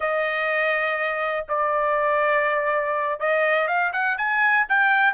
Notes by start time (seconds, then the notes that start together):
0.00 D#5
1.48 D5
3.19 D#5
3.67 F5
3.92 F#5
4.17 G#5
4.68 G5